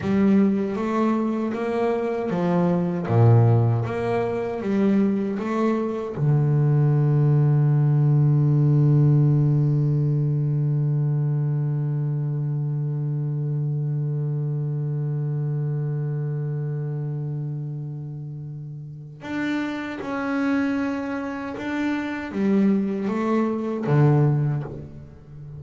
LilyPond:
\new Staff \with { instrumentName = "double bass" } { \time 4/4 \tempo 4 = 78 g4 a4 ais4 f4 | ais,4 ais4 g4 a4 | d1~ | d1~ |
d1~ | d1~ | d4 d'4 cis'2 | d'4 g4 a4 d4 | }